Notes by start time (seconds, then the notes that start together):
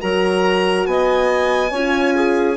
0.00 F#3 F#4 A#4 A#5
0.87 B3 D#5 G#5
1.71 C#4 F4 C#5
2.15 G#4